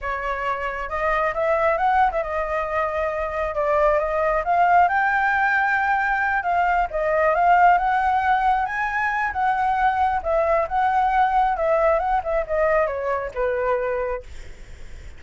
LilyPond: \new Staff \with { instrumentName = "flute" } { \time 4/4 \tempo 4 = 135 cis''2 dis''4 e''4 | fis''8. e''16 dis''2. | d''4 dis''4 f''4 g''4~ | g''2~ g''8 f''4 dis''8~ |
dis''8 f''4 fis''2 gis''8~ | gis''4 fis''2 e''4 | fis''2 e''4 fis''8 e''8 | dis''4 cis''4 b'2 | }